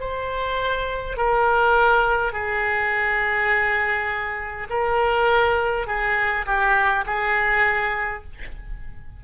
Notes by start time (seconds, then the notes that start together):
0.00 C5
1.18 A#4
2.33 G#4
4.70 A#4
5.87 G#4
6.47 G4
7.06 G#4